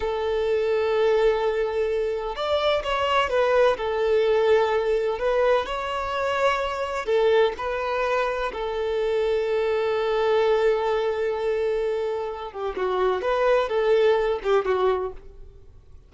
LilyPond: \new Staff \with { instrumentName = "violin" } { \time 4/4 \tempo 4 = 127 a'1~ | a'4 d''4 cis''4 b'4 | a'2. b'4 | cis''2. a'4 |
b'2 a'2~ | a'1~ | a'2~ a'8 g'8 fis'4 | b'4 a'4. g'8 fis'4 | }